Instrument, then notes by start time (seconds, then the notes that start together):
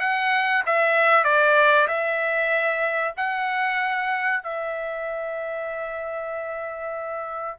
trumpet
0.00 F#5
0.66 E5
1.24 D5
1.88 E5
3.17 F#5
4.43 E5